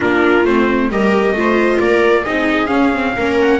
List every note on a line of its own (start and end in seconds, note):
0.00 0.44 A#3
0.00 0.45 D4
0.00 0.88 F4
0.00 0.45 A#4
0.44 0.89 A3
0.44 0.91 C4
0.44 0.90 C5
0.89 1.32 G3
0.89 1.34 G4
0.89 1.37 A#4
0.89 1.80 D#5
1.32 1.77 A3
1.32 2.25 F4
1.39 1.79 C5
1.79 2.25 A#3
1.79 2.22 A#4
1.79 2.24 D5
2.22 2.70 C4
2.22 2.67 D#4
2.22 3.12 G#4
2.22 2.66 D#5
2.66 2.89 C#4
2.66 3.16 C#4
2.66 3.34 F5
2.94 3.16 C4
3.16 3.59 A#3
3.16 3.59 C#4
3.16 3.59 A#4
3.41 3.59 F#5